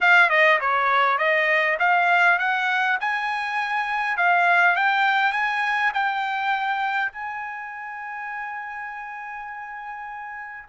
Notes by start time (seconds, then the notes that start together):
0.00 F5
0.29 D#5
0.60 C#5
1.18 D#5
1.79 F5
2.38 F#5
3.00 G#5
4.17 F5
4.76 G5
5.32 G#5
5.93 G5
7.12 G#5